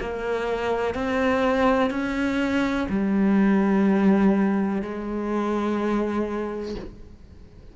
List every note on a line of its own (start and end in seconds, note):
0.00 0.95 A#3
0.95 1.90 C4
1.90 2.87 C#4
2.89 4.82 G3
4.82 6.75 G#3